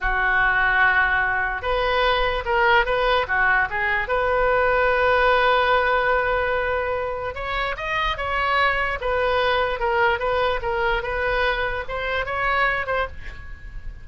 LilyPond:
\new Staff \with { instrumentName = "oboe" } { \time 4/4 \tempo 4 = 147 fis'1 | b'2 ais'4 b'4 | fis'4 gis'4 b'2~ | b'1~ |
b'2 cis''4 dis''4 | cis''2 b'2 | ais'4 b'4 ais'4 b'4~ | b'4 c''4 cis''4. c''8 | }